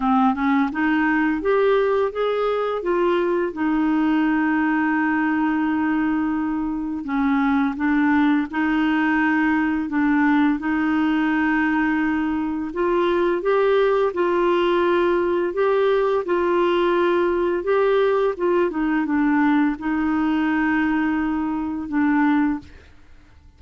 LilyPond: \new Staff \with { instrumentName = "clarinet" } { \time 4/4 \tempo 4 = 85 c'8 cis'8 dis'4 g'4 gis'4 | f'4 dis'2.~ | dis'2 cis'4 d'4 | dis'2 d'4 dis'4~ |
dis'2 f'4 g'4 | f'2 g'4 f'4~ | f'4 g'4 f'8 dis'8 d'4 | dis'2. d'4 | }